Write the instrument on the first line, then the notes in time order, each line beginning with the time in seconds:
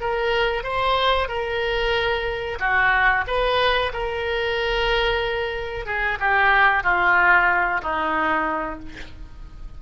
oboe
0.00 A#4
0.63 C5
1.28 A#4
2.59 F#4
3.27 B4
3.93 A#4
5.85 G#4
6.19 G4
6.83 F4
7.81 D#4